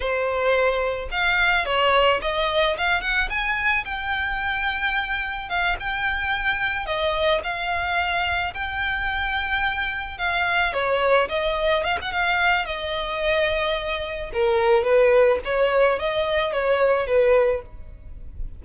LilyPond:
\new Staff \with { instrumentName = "violin" } { \time 4/4 \tempo 4 = 109 c''2 f''4 cis''4 | dis''4 f''8 fis''8 gis''4 g''4~ | g''2 f''8 g''4.~ | g''8 dis''4 f''2 g''8~ |
g''2~ g''8 f''4 cis''8~ | cis''8 dis''4 f''16 fis''16 f''4 dis''4~ | dis''2 ais'4 b'4 | cis''4 dis''4 cis''4 b'4 | }